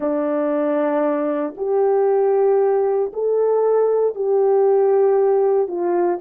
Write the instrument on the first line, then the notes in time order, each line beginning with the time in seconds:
horn
0.00 D4
1.57 G4
3.13 A4
4.15 G4
5.67 F4